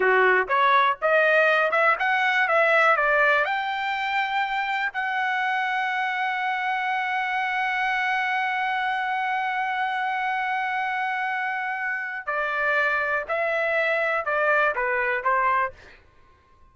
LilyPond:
\new Staff \with { instrumentName = "trumpet" } { \time 4/4 \tempo 4 = 122 fis'4 cis''4 dis''4. e''8 | fis''4 e''4 d''4 g''4~ | g''2 fis''2~ | fis''1~ |
fis''1~ | fis''1~ | fis''4 d''2 e''4~ | e''4 d''4 b'4 c''4 | }